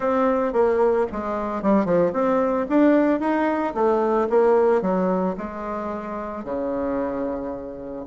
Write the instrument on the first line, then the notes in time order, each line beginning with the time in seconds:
bassoon
0.00 C4
0.52 A#3
1.12 G#3
1.62 G3
1.85 F3
2.13 C4
2.69 D4
3.20 D#4
3.74 A3
4.29 A#3
4.81 F#3
5.37 G#3
6.44 C#3